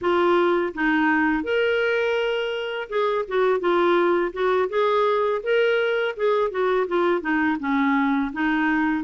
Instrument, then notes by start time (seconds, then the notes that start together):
clarinet
0.01 F4
0.74 D#4
1.43 A#4
2.89 G#4
3.28 F#4
3.59 F4
4.32 F#4
4.69 G#4
5.42 A#4
6.16 G#4
6.51 F#4
6.87 F4
7.21 D#4
7.59 C#4
8.32 D#4